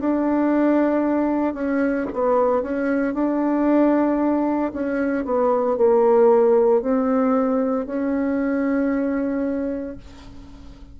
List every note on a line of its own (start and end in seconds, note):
0.00 1.54 D4
1.54 2.07 C#4
2.13 2.63 B3
2.63 3.14 C#4
3.14 4.72 D4
4.74 5.25 C#4
5.25 5.78 B3
5.78 6.82 A#3
6.82 7.86 C4
7.86 9.97 C#4